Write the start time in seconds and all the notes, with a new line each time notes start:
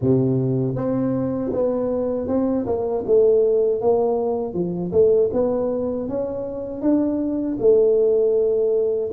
0.01 C3
0.75 C4
1.52 B3
2.27 C4
2.66 A#3
3.06 A3
3.81 A#3
4.53 F3
4.92 A3
5.33 B3
6.08 C#4
6.81 D4
7.59 A3